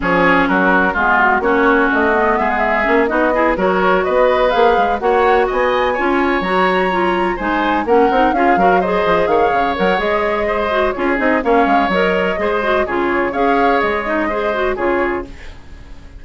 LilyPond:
<<
  \new Staff \with { instrumentName = "flute" } { \time 4/4 \tempo 4 = 126 cis''4 ais'4 gis'8 fis'8 cis''4 | dis''4 e''16 fis''16 e''4 dis''4 cis''8~ | cis''8 dis''4 f''4 fis''4 gis''8~ | gis''4. ais''2 gis''8~ |
gis''8 fis''4 f''4 dis''4 f''8~ | f''8 fis''8 dis''2 cis''8 dis''8 | f''4 dis''2 cis''4 | f''4 dis''2 cis''4 | }
  \new Staff \with { instrumentName = "oboe" } { \time 4/4 gis'4 fis'4 f'4 fis'4~ | fis'4 gis'4. fis'8 gis'8 ais'8~ | ais'8 b'2 cis''4 dis''8~ | dis''8 cis''2. c''8~ |
c''8 ais'4 gis'8 ais'8 c''4 cis''8~ | cis''2 c''4 gis'4 | cis''2 c''4 gis'4 | cis''2 c''4 gis'4 | }
  \new Staff \with { instrumentName = "clarinet" } { \time 4/4 cis'2 b4 cis'4~ | cis'8 b4. cis'8 dis'8 e'8 fis'8~ | fis'4. gis'4 fis'4.~ | fis'8 f'4 fis'4 f'4 dis'8~ |
dis'8 cis'8 dis'8 f'8 fis'8 gis'4.~ | gis'8 ais'8 gis'4. fis'8 f'8 dis'8 | cis'4 ais'4 gis'8 fis'8 f'4 | gis'4. dis'8 gis'8 fis'8 f'4 | }
  \new Staff \with { instrumentName = "bassoon" } { \time 4/4 f4 fis4 gis4 ais4 | a4 gis4 ais8 b4 fis8~ | fis8 b4 ais8 gis8 ais4 b8~ | b8 cis'4 fis2 gis8~ |
gis8 ais8 c'8 cis'8 fis4 f8 dis8 | cis8 fis8 gis2 cis'8 c'8 | ais8 gis8 fis4 gis4 cis4 | cis'4 gis2 cis4 | }
>>